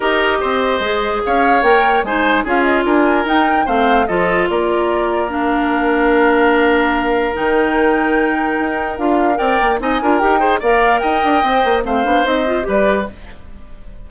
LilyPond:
<<
  \new Staff \with { instrumentName = "flute" } { \time 4/4 \tempo 4 = 147 dis''2. f''4 | g''4 gis''4 f''8 dis''8 gis''4 | g''4 f''4 dis''4 d''4~ | d''4 f''2.~ |
f''2 g''2~ | g''2 f''4 g''4 | gis''4 g''4 f''4 g''4~ | g''4 f''4 dis''4 d''4 | }
  \new Staff \with { instrumentName = "oboe" } { \time 4/4 ais'4 c''2 cis''4~ | cis''4 c''4 gis'4 ais'4~ | ais'4 c''4 a'4 ais'4~ | ais'1~ |
ais'1~ | ais'2. d''4 | dis''8 ais'4 c''8 d''4 dis''4~ | dis''4 c''2 b'4 | }
  \new Staff \with { instrumentName = "clarinet" } { \time 4/4 g'2 gis'2 | ais'4 dis'4 f'2 | dis'4 c'4 f'2~ | f'4 d'2.~ |
d'2 dis'2~ | dis'2 f'4 ais'4 | dis'8 f'8 g'8 gis'8 ais'2 | c''4 c'8 d'8 dis'8 f'8 g'4 | }
  \new Staff \with { instrumentName = "bassoon" } { \time 4/4 dis'4 c'4 gis4 cis'4 | ais4 gis4 cis'4 d'4 | dis'4 a4 f4 ais4~ | ais1~ |
ais2 dis2~ | dis4 dis'4 d'4 c'8 ais8 | c'8 d'8 dis'4 ais4 dis'8 d'8 | c'8 ais8 a8 b8 c'4 g4 | }
>>